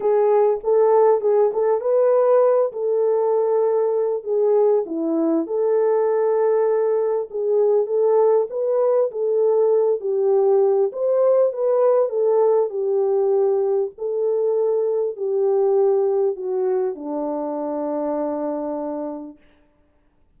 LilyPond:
\new Staff \with { instrumentName = "horn" } { \time 4/4 \tempo 4 = 99 gis'4 a'4 gis'8 a'8 b'4~ | b'8 a'2~ a'8 gis'4 | e'4 a'2. | gis'4 a'4 b'4 a'4~ |
a'8 g'4. c''4 b'4 | a'4 g'2 a'4~ | a'4 g'2 fis'4 | d'1 | }